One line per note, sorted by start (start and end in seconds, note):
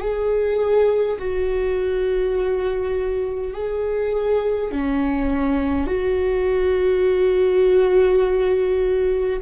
0.00 1.18 G#4
1.18 3.53 F#4
3.53 4.71 G#4
4.71 5.87 C#4
5.87 9.40 F#4